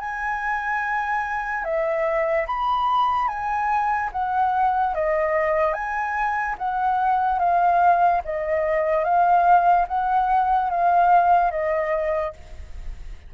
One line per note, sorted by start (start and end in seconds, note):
0.00 1.64 G#5
1.64 2.47 E5
2.47 3.28 B5
3.28 4.10 G#5
4.12 4.95 F#5
4.95 5.73 D#5
5.73 6.56 G#5
6.58 7.39 F#5
7.39 8.21 F5
8.25 9.04 D#5
9.04 9.86 F5
9.88 10.70 F#5
10.70 11.51 F5
11.51 12.33 D#5